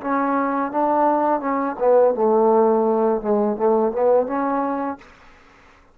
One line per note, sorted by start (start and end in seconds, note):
0.00 0.71 C#4
0.71 1.40 D4
1.40 1.75 C#4
1.79 2.14 B3
2.14 3.21 A3
3.21 3.57 G#3
3.57 3.92 A3
3.92 4.26 B3
4.26 4.98 C#4